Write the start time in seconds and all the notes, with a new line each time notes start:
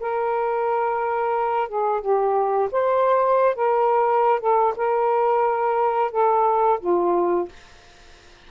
0.00 A#4
1.68 G#4
2.01 G4
2.71 C5
3.55 A#4
4.40 A4
4.76 A#4
6.11 A4
6.80 F4